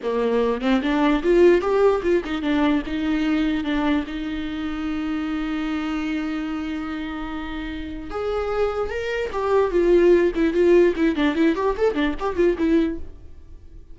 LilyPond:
\new Staff \with { instrumentName = "viola" } { \time 4/4 \tempo 4 = 148 ais4. c'8 d'4 f'4 | g'4 f'8 dis'8 d'4 dis'4~ | dis'4 d'4 dis'2~ | dis'1~ |
dis'1 | gis'2 ais'4 g'4 | f'4. e'8 f'4 e'8 d'8 | e'8 g'8 a'8 d'8 g'8 f'8 e'4 | }